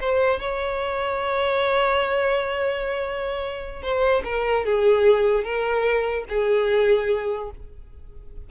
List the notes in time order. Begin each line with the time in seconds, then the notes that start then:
0.00 C5
0.40 C#5
3.82 C5
4.24 A#4
4.65 G#4
5.44 A#4
6.29 G#4